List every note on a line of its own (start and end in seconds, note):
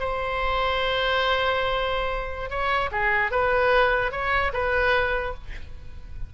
0.00 2.50 C5
2.50 2.90 C#5
2.92 3.31 G#4
3.31 4.12 B4
4.12 4.52 C#5
4.54 5.34 B4